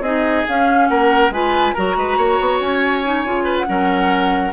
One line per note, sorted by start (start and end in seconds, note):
0.00 0.43 C4
0.00 0.46 D#4
0.00 0.87 G#4
0.00 0.45 D#5
0.48 0.89 C#4
0.48 1.32 C#4
0.48 0.87 F5
0.87 1.29 A#3
0.87 1.33 A#4
0.87 1.30 F#5
1.29 1.72 G#3
1.29 1.75 F4
1.29 1.74 B4
1.29 1.73 G#5
1.73 1.96 F#3
1.73 3.04 F#4
1.73 1.95 A#4
1.73 2.59 A#5
1.96 2.17 G#3
1.96 2.17 B4
2.17 2.38 A#3
2.17 3.44 C#5
2.40 2.60 B3
2.60 3.25 C#4
2.60 3.57 G#5
3.04 3.25 D#4
3.25 3.67 C#3
3.25 3.66 F4
3.44 3.65 B4
3.57 4.52 F#5
3.66 4.52 F#3
3.66 4.52 C#4
3.66 4.52 A#4